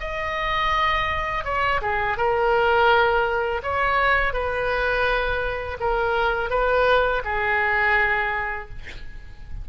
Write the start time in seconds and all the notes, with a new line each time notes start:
0.00 D#5
1.44 C#5
1.81 G#4
2.17 A#4
3.62 C#5
4.33 B4
5.80 A#4
6.50 B4
7.25 G#4